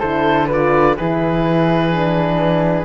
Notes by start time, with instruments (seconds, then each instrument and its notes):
0.00 cello D3, horn E4, flute A4, oboe C5
0.47 horn F4, flute B4, oboe D5
0.97 cello E3, horn E4, flute G#4, oboe B4
1.91 horn D4